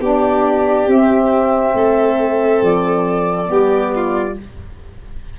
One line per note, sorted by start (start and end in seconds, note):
0.00 0.87 B3
0.00 0.88 D4
0.00 1.75 G4
0.00 0.90 D5
0.87 1.74 C4
0.87 3.45 C4
0.87 2.64 E5
1.74 2.61 A3
1.74 3.50 A4
2.62 3.49 F3
2.62 4.38 D5
3.45 4.37 G3
3.45 4.32 B3
3.45 3.93 G4
3.96 4.39 F4